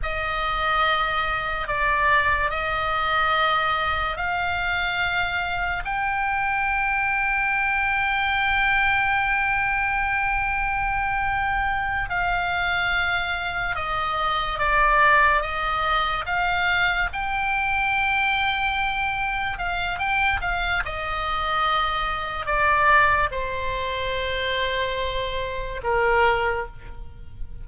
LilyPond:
\new Staff \with { instrumentName = "oboe" } { \time 4/4 \tempo 4 = 72 dis''2 d''4 dis''4~ | dis''4 f''2 g''4~ | g''1~ | g''2~ g''8 f''4.~ |
f''8 dis''4 d''4 dis''4 f''8~ | f''8 g''2. f''8 | g''8 f''8 dis''2 d''4 | c''2. ais'4 | }